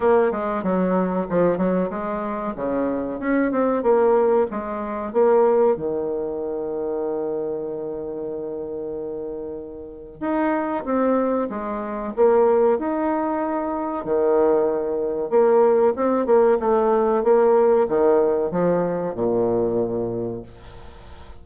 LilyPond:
\new Staff \with { instrumentName = "bassoon" } { \time 4/4 \tempo 4 = 94 ais8 gis8 fis4 f8 fis8 gis4 | cis4 cis'8 c'8 ais4 gis4 | ais4 dis2.~ | dis1 |
dis'4 c'4 gis4 ais4 | dis'2 dis2 | ais4 c'8 ais8 a4 ais4 | dis4 f4 ais,2 | }